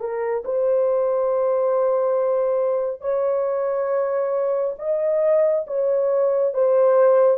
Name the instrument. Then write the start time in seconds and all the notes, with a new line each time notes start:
horn
0.00 A#4
0.44 C5
3.01 C#5
4.78 D#5
5.67 C#5
6.54 C5